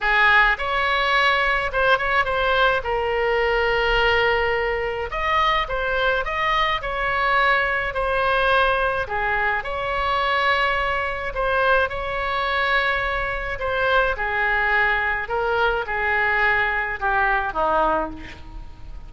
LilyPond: \new Staff \with { instrumentName = "oboe" } { \time 4/4 \tempo 4 = 106 gis'4 cis''2 c''8 cis''8 | c''4 ais'2.~ | ais'4 dis''4 c''4 dis''4 | cis''2 c''2 |
gis'4 cis''2. | c''4 cis''2. | c''4 gis'2 ais'4 | gis'2 g'4 dis'4 | }